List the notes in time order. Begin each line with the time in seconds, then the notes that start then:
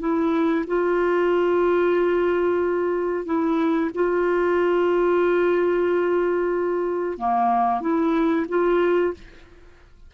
0.00 E4
0.67 F4
3.25 E4
3.95 F4
7.18 A#3
7.81 E4
8.49 F4